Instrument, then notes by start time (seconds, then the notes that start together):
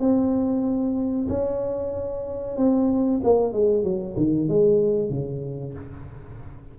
tuba
0.00 C4
1.29 C#4
2.57 C4
3.24 A#3
3.53 G#3
3.84 F#3
4.17 D#3
4.49 G#3
5.10 C#3